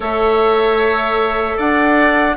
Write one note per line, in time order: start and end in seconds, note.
0.00 1.55 A3
0.00 2.32 A4
0.00 1.57 C#5
0.00 1.59 E5
1.57 2.37 D4
1.57 2.36 D5
1.57 2.37 F#5